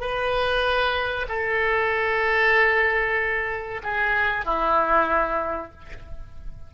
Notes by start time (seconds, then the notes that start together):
0.00 B4
1.28 A4
3.83 G#4
4.45 E4